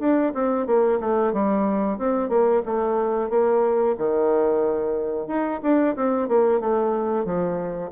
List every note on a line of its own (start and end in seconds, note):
0.00 0.33 D4
0.35 0.67 C4
0.67 1.00 A#3
1.00 1.33 A3
1.34 1.99 G3
1.99 2.30 C4
2.30 2.63 A#3
2.66 3.30 A3
3.30 3.96 A#3
3.98 5.28 D#3
5.28 5.61 D#4
5.63 5.96 D4
5.96 6.29 C4
6.29 6.61 A#3
6.61 7.26 A3
7.26 7.92 F3